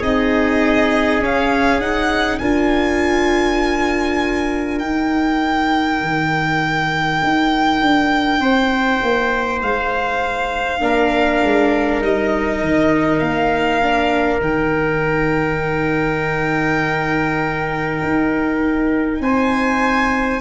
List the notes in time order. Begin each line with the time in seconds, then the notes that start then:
0.00 C4 D#4 G#4 D#5
1.20 C#4 F5
1.80 D#4 F#5
2.39 D4 F4 A#4 G#5
4.79 D#4 G5
6.01 D#3
7.23 D#4
7.82 D4
8.40 C4 C5
9.03 A#3
9.62 G#3 F5
10.81 A#3 D4 A#4
11.43 G#3
12.01 G3 D#4 D#5
12.62 D#3
13.20 A#3 F5
13.83 D4
14.39 D#3 D#4 G5
18.03 D#4
19.21 C4 C5 G#5